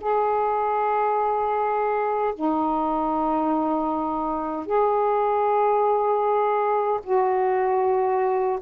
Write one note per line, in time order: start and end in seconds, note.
0.00 2.34 G#4
2.34 4.66 D#4
4.66 7.00 G#4
7.03 8.59 F#4